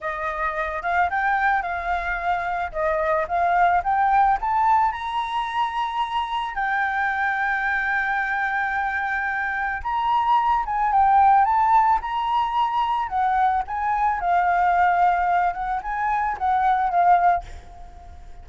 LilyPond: \new Staff \with { instrumentName = "flute" } { \time 4/4 \tempo 4 = 110 dis''4. f''8 g''4 f''4~ | f''4 dis''4 f''4 g''4 | a''4 ais''2. | g''1~ |
g''2 ais''4. gis''8 | g''4 a''4 ais''2 | fis''4 gis''4 f''2~ | f''8 fis''8 gis''4 fis''4 f''4 | }